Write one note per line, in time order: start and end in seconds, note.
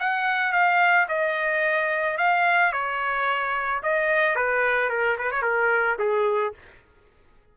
0.00 0.52 F#5
0.52 1.07 F5
1.08 2.17 D#5
2.18 2.72 F5
2.72 3.81 C#5
3.83 4.36 D#5
4.36 4.89 B4
4.89 5.17 A#4
5.18 5.31 B4
5.31 5.42 C#5
5.42 5.97 A#4
5.99 6.54 G#4